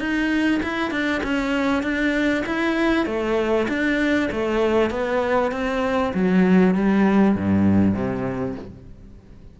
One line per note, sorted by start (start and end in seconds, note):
0.00 0.61 D#4
0.63 0.91 E4
0.91 1.22 D4
1.24 1.83 C#4
1.83 2.44 D4
2.46 3.06 E4
3.06 3.68 A3
3.69 4.30 D4
4.32 4.91 A3
4.91 5.52 B3
5.52 6.13 C4
6.14 6.75 F#3
6.75 7.36 G3
7.36 7.94 G2
7.94 8.55 C3